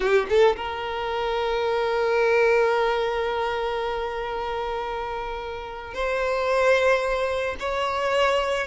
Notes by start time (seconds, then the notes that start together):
0.00 G4
0.29 A4
0.56 A#4
5.93 C5
7.59 C#5